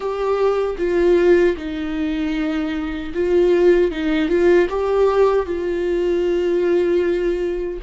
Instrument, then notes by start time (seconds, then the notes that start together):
viola
0.00 G4
0.78 F4
1.57 D#4
3.14 F4
3.91 D#4
4.29 F4
4.69 G4
5.45 F4